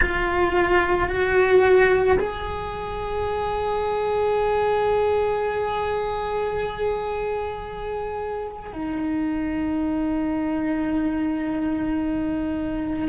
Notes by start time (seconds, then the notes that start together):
0.01 F4
1.08 F#4
2.19 G#4
8.73 D#4